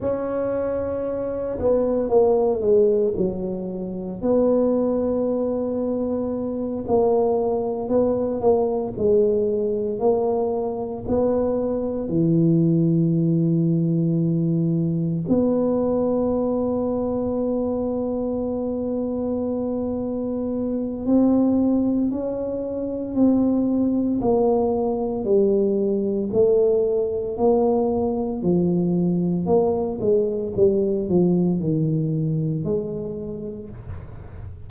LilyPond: \new Staff \with { instrumentName = "tuba" } { \time 4/4 \tempo 4 = 57 cis'4. b8 ais8 gis8 fis4 | b2~ b8 ais4 b8 | ais8 gis4 ais4 b4 e8~ | e2~ e8 b4.~ |
b1 | c'4 cis'4 c'4 ais4 | g4 a4 ais4 f4 | ais8 gis8 g8 f8 dis4 gis4 | }